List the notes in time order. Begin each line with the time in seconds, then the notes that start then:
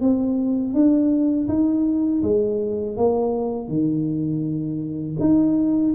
0.00 C4
0.73 D4
1.48 D#4
2.22 G#3
2.96 A#3
3.68 D#3
5.20 D#4